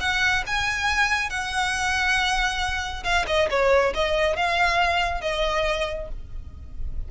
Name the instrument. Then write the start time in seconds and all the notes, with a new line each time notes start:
violin
0.00 F#5
0.46 G#5
1.29 F#5
3.03 F5
3.26 D#5
3.50 C#5
3.94 D#5
4.36 F5
5.21 D#5